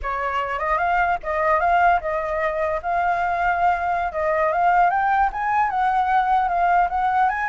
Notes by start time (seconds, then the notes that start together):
0.02 C#5
0.59 D#5
0.78 F5
1.23 D#5
1.60 F5
2.00 D#5
2.82 F5
4.12 D#5
4.52 F5
4.90 G5
5.32 G#5
5.69 F#5
6.48 F5
6.89 F#5
7.29 G#5